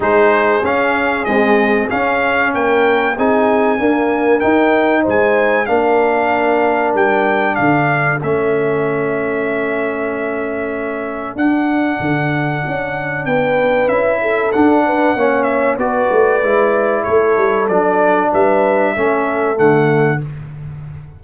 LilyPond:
<<
  \new Staff \with { instrumentName = "trumpet" } { \time 4/4 \tempo 4 = 95 c''4 f''4 dis''4 f''4 | g''4 gis''2 g''4 | gis''4 f''2 g''4 | f''4 e''2.~ |
e''2 fis''2~ | fis''4 g''4 e''4 fis''4~ | fis''8 e''8 d''2 cis''4 | d''4 e''2 fis''4 | }
  \new Staff \with { instrumentName = "horn" } { \time 4/4 gis'1 | ais'4 gis'4 ais'2 | c''4 ais'2. | a'1~ |
a'1~ | a'4 b'4. a'4 b'8 | cis''4 b'2 a'4~ | a'4 b'4 a'2 | }
  \new Staff \with { instrumentName = "trombone" } { \time 4/4 dis'4 cis'4 gis4 cis'4~ | cis'4 dis'4 ais4 dis'4~ | dis'4 d'2.~ | d'4 cis'2.~ |
cis'2 d'2~ | d'2 e'4 d'4 | cis'4 fis'4 e'2 | d'2 cis'4 a4 | }
  \new Staff \with { instrumentName = "tuba" } { \time 4/4 gis4 cis'4 c'4 cis'4 | ais4 c'4 d'4 dis'4 | gis4 ais2 g4 | d4 a2.~ |
a2 d'4 d4 | cis'4 b4 cis'4 d'4 | ais4 b8 a8 gis4 a8 g8 | fis4 g4 a4 d4 | }
>>